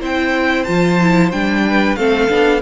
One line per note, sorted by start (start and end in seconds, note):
0.00 0.67 C4
0.00 0.66 E4
0.00 1.63 C5
0.00 0.64 G5
0.64 1.32 F3
0.64 1.00 F4
0.64 1.29 A5
1.01 1.32 E4
1.32 1.97 G3
1.32 1.97 D4
1.32 1.96 G5
1.68 1.99 B4
1.96 2.29 A3
1.96 2.29 C4
1.96 2.62 A4
1.96 2.61 F5
2.29 2.62 B3
2.29 2.61 D4